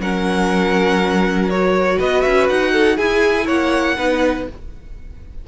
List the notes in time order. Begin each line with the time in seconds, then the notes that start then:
0.00 F#3 C#4 A#4 F#5
1.50 F#4 C#5
1.98 B3 B4 D#5
2.22 C#4 E5
2.49 D#4 F#5
2.72 A4
2.97 E4 G#4 G#5
3.46 A#3 C#5 F#5
3.98 B3 D#4 B4